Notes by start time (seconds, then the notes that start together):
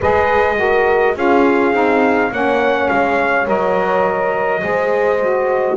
0.00 G#3 G#4 B4 D#5
0.56 F#4 A#4
1.15 C#4 F4 G#4 F5
1.73 C4 D#4
2.31 A#3 C#4 C#5 F#5
2.88 G#3 F5
3.46 F#3 A#4 D#5
4.60 G#3 G#4 C5
5.20 F#4